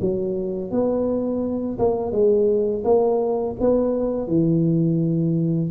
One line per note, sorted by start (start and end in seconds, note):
0.00 0.71 F#3
0.71 1.78 B3
1.78 2.11 A#3
2.11 2.83 G#3
2.84 3.56 A#3
3.60 4.27 B3
4.27 5.70 E3